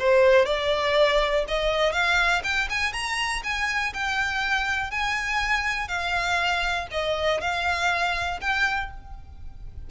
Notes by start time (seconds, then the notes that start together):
0.00 C5
0.46 D5
1.48 D#5
1.93 F5
2.44 G5
2.70 G#5
2.93 A#5
3.44 G#5
3.94 G5
4.91 G#5
5.89 F5
6.92 D#5
7.41 F5
8.41 G5